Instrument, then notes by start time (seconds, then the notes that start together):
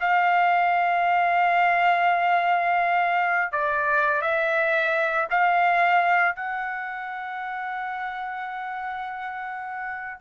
trumpet
0.00 F5
3.52 D5
4.22 E5
5.30 F5
6.36 F#5